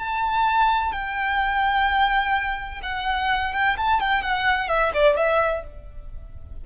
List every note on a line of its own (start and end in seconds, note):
0.00 0.93 A5
0.93 2.82 G5
2.83 3.53 F#5
3.53 3.77 G5
3.78 4.01 A5
4.01 4.22 G5
4.22 4.69 F#5
4.69 4.92 E5
4.94 5.17 D5
5.17 5.64 E5